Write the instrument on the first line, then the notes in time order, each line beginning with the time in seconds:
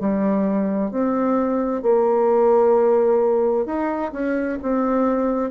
bassoon
0.00 G3
0.91 C4
1.83 A#3
3.66 D#4
4.12 C#4
4.62 C4